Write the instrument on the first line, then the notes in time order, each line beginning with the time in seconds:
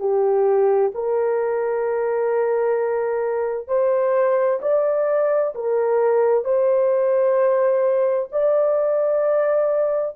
horn
0.00 G4
0.95 A#4
3.68 C5
4.62 D5
5.55 A#4
6.45 C5
8.32 D5